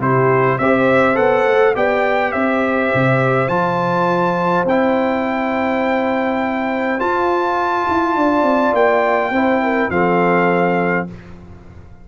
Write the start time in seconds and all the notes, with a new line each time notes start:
0.00 C3 E4 G4 C5
0.58 C4 G4 C5 E5
1.15 B3 A4 F#5
1.46 A3
1.75 B3 G4 D5 G5
2.32 C4 C5 E5
2.94 C3
3.48 F3 F4 A5
4.65 C4 E4 G5
6.99 F4 A5
7.88 E4
8.16 D4 D5
8.43 C4
8.73 A#3 G5
9.31 C4 E4 C5
9.63 A#4
9.90 F3 C4 A4 F5